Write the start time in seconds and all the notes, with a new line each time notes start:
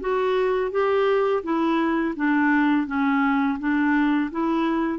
0.00 F#4
0.71 G4
1.43 E4
2.16 D4
2.87 C#4
3.59 D4
4.31 E4